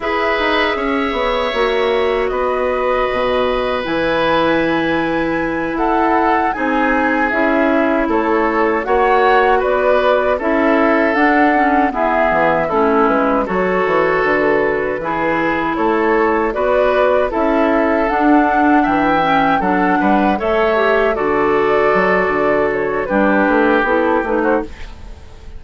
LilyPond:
<<
  \new Staff \with { instrumentName = "flute" } { \time 4/4 \tempo 4 = 78 e''2. dis''4~ | dis''4 gis''2~ gis''8 fis''8~ | fis''8 gis''4 e''4 cis''4 fis''8~ | fis''8 d''4 e''4 fis''4 e''8~ |
e''8 a'8 b'8 cis''4 b'4.~ | b'8 cis''4 d''4 e''4 fis''8~ | fis''8 g''4 fis''4 e''4 d''8~ | d''4. cis''8 b'4 a'8 b'16 c''16 | }
  \new Staff \with { instrumentName = "oboe" } { \time 4/4 b'4 cis''2 b'4~ | b'2.~ b'8 a'8~ | a'8 gis'2 a'4 cis''8~ | cis''8 b'4 a'2 gis'8~ |
gis'8 e'4 a'2 gis'8~ | gis'8 a'4 b'4 a'4.~ | a'8 e''4 a'8 b'8 cis''4 a'8~ | a'2 g'4.~ g'16 fis'16 | }
  \new Staff \with { instrumentName = "clarinet" } { \time 4/4 gis'2 fis'2~ | fis'4 e'2.~ | e'8 dis'4 e'2 fis'8~ | fis'4. e'4 d'8 cis'8 b8~ |
b8 cis'4 fis'2 e'8~ | e'4. fis'4 e'4 d'8~ | d'4 cis'8 d'4 a'8 g'8 fis'8~ | fis'2 d'4 e'8 dis'8 | }
  \new Staff \with { instrumentName = "bassoon" } { \time 4/4 e'8 dis'8 cis'8 b8 ais4 b4 | b,4 e2~ e8 e'8~ | e'8 c'4 cis'4 a4 ais8~ | ais8 b4 cis'4 d'4 e'8 |
e8 a8 gis8 fis8 e8 d4 e8~ | e8 a4 b4 cis'4 d'8~ | d'8 e4 fis8 g8 a4 d8~ | d8 fis8 d4 g8 a8 b8 a8 | }
>>